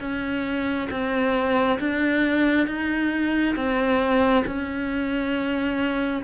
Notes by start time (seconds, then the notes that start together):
0.00 C#4
0.91 C4
1.79 D4
2.67 D#4
3.55 C4
4.46 C#4